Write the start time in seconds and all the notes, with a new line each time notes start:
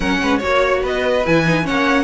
0.00 F#3 C#4 A#4 F#5
0.22 G#3 B4
0.38 F#4 C#5
0.44 A#3
0.81 B3 B4 D#5
1.25 E3 E4 G#5
1.46 D#4
1.62 A#3 C#4 C#5 F#5